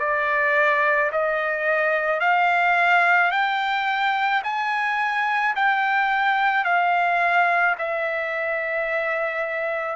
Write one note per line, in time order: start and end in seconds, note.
0.00 1.11 D5
1.13 2.21 D#5
2.21 3.32 F5
3.32 4.43 G5
4.44 5.55 G#5
5.56 6.65 G5
6.65 7.76 F5
7.79 9.96 E5